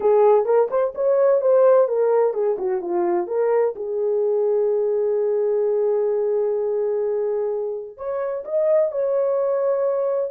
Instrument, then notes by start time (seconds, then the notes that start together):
horn
0.00 G#4
0.45 A#4
0.70 C5
0.95 C#5
1.41 C5
1.87 A#4
2.33 G#4
2.58 F#4
2.81 F4
3.27 A#4
3.75 G#4
7.97 C#5
8.44 D#5
8.91 C#5